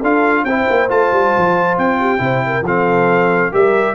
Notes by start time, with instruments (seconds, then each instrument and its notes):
0.00 tuba D4, trombone F4, horn A4, trumpet F5
0.45 tuba C4, trombone E4, horn C5, trumpet G5
0.70 tuba A#3
0.89 tuba A3, trombone F4, trumpet A5
1.12 tuba G3
1.38 tuba F3
1.78 tuba C4, trumpet G5
2.00 horn G4
2.19 tuba C3, trombone E4, horn C5
2.46 horn A#4
2.61 tuba F3, trombone C4, horn A4, trumpet F5
3.52 tuba G3, trombone G4, horn A#4, trumpet E5